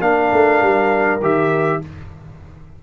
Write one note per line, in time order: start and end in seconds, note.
0.00 0.30 A#3
0.00 1.20 D4
0.00 1.80 A#4
0.00 1.20 F5
0.32 0.61 A3
0.61 1.21 G3
1.21 1.80 D#3
1.21 1.81 G4
1.21 1.83 E5